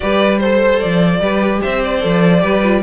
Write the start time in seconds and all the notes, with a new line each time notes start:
0.00 G3 G4 B4 D5
0.39 A4 C5
0.79 F3 D5
1.20 G3 G4 B4
1.61 C4 C5 E5
1.84 D5
2.00 F3 A4
2.39 G3 G4 B4
2.63 F4